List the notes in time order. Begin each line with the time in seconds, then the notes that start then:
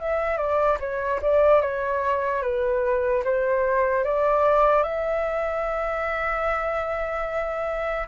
0.00 E5
0.38 D5
0.80 C#5
1.22 D5
1.62 C#5
2.43 B4
3.24 C5
4.05 D5
4.83 E5